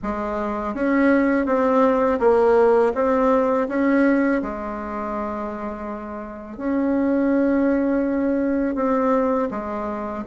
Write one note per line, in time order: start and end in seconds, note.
0.03 0.74 G#3
0.74 1.46 C#4
1.46 2.19 C4
2.19 2.92 A#3
2.94 3.68 C4
3.68 4.41 C#4
4.42 6.57 G#3
6.57 8.75 C#4
8.75 9.48 C4
9.50 10.23 G#3